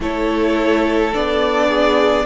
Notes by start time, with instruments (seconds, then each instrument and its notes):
0.00 cello A3, viola E4, violin A4 C#5
1.13 cello B3, viola D4, violin D5
1.68 violin G#4